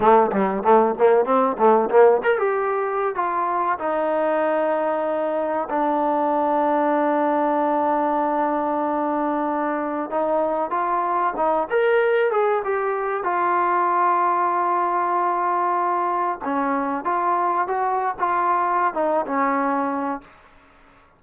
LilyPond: \new Staff \with { instrumentName = "trombone" } { \time 4/4 \tempo 4 = 95 a8 g8 a8 ais8 c'8 a8 ais8 ais'16 g'16~ | g'4 f'4 dis'2~ | dis'4 d'2.~ | d'1 |
dis'4 f'4 dis'8 ais'4 gis'8 | g'4 f'2.~ | f'2 cis'4 f'4 | fis'8. f'4~ f'16 dis'8 cis'4. | }